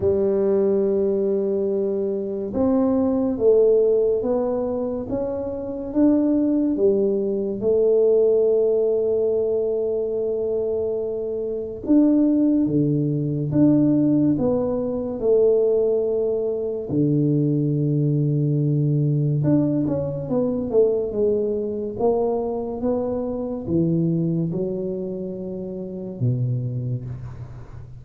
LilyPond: \new Staff \with { instrumentName = "tuba" } { \time 4/4 \tempo 4 = 71 g2. c'4 | a4 b4 cis'4 d'4 | g4 a2.~ | a2 d'4 d4 |
d'4 b4 a2 | d2. d'8 cis'8 | b8 a8 gis4 ais4 b4 | e4 fis2 b,4 | }